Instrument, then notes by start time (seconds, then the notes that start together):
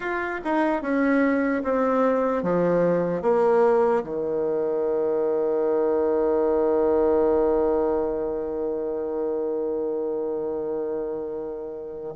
bassoon
0.00 F4
0.44 D#4
0.81 C#4
1.63 C4
2.43 F3
3.22 A#3
4.03 D#3